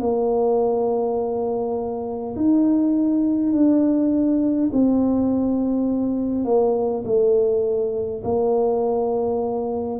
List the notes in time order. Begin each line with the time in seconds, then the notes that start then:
0.00 A#3
2.36 D#4
3.52 D4
4.73 C4
6.44 A#3
7.05 A3
8.24 A#3